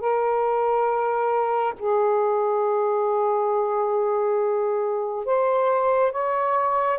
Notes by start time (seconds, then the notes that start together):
0.00 A#4
1.79 G#4
5.26 C5
6.12 C#5